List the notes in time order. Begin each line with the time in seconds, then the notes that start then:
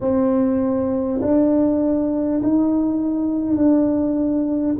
0.00 C4
1.21 D4
2.43 D#4
3.56 D4